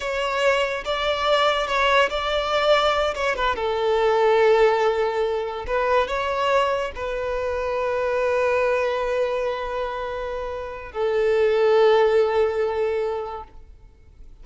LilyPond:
\new Staff \with { instrumentName = "violin" } { \time 4/4 \tempo 4 = 143 cis''2 d''2 | cis''4 d''2~ d''8 cis''8 | b'8 a'2.~ a'8~ | a'4. b'4 cis''4.~ |
cis''8 b'2.~ b'8~ | b'1~ | b'2 a'2~ | a'1 | }